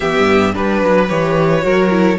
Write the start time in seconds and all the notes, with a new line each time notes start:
0.00 E3 B3 G4 E5
0.17 G2
0.53 G3 D4 B4
0.81 F#3
1.08 E3 G4 C#5
1.61 F#3 F#4 A#4
1.89 E4